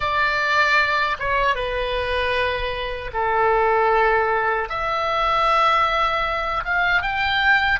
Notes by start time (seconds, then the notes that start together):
0.00 D5
1.19 C#5
1.55 B4
3.13 A4
4.69 E5
6.64 F5
7.01 G5